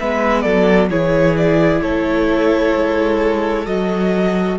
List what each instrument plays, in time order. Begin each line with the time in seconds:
0.00 cello G#3, viola B3, violin B4 E5
0.42 cello F#3, violin A4 D5
0.91 cello E3, viola E4, violin G#4 C#5
1.37 violin D5
1.81 cello A3, violin A4 C#5
2.75 cello G#3
3.66 cello F#3, viola F#4, violin D#5